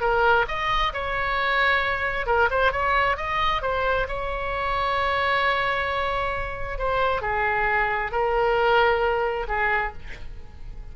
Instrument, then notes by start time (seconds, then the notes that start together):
oboe
0.00 A#4
0.48 D#5
0.93 C#5
2.26 A#4
2.50 C5
2.72 C#5
3.17 D#5
3.62 C5
4.08 C#5
6.78 C5
7.21 G#4
8.11 A#4
9.48 G#4